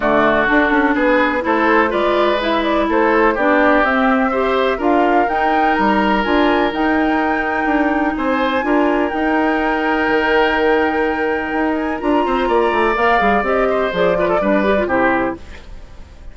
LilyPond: <<
  \new Staff \with { instrumentName = "flute" } { \time 4/4 \tempo 4 = 125 d''4 a'4 b'4 c''4 | d''4 e''8 d''8 c''4 d''4 | e''2 f''4 g''4 | ais''4 gis''4 g''2~ |
g''4 gis''2 g''4~ | g''1~ | g''8 gis''8 ais''2 f''4 | dis''4 d''2 c''4 | }
  \new Staff \with { instrumentName = "oboe" } { \time 4/4 fis'2 gis'4 a'4 | b'2 a'4 g'4~ | g'4 c''4 ais'2~ | ais'1~ |
ais'4 c''4 ais'2~ | ais'1~ | ais'4. c''8 d''2~ | d''8 c''4 b'16 a'16 b'4 g'4 | }
  \new Staff \with { instrumentName = "clarinet" } { \time 4/4 a4 d'2 e'4 | f'4 e'2 d'4 | c'4 g'4 f'4 dis'4~ | dis'4 f'4 dis'2~ |
dis'2 f'4 dis'4~ | dis'1~ | dis'4 f'2 ais'8 gis'8 | g'4 gis'8 f'8 d'8 g'16 f'16 e'4 | }
  \new Staff \with { instrumentName = "bassoon" } { \time 4/4 d4 d'8 cis'8 b4 a4 | gis2 a4 b4 | c'2 d'4 dis'4 | g4 d'4 dis'2 |
d'4 c'4 d'4 dis'4~ | dis'4 dis2. | dis'4 d'8 c'8 ais8 a8 ais8 g8 | c'4 f4 g4 c4 | }
>>